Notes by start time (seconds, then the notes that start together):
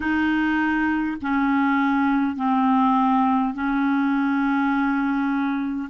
0.00 D#4
1.21 C#4
2.36 C4
3.53 C#4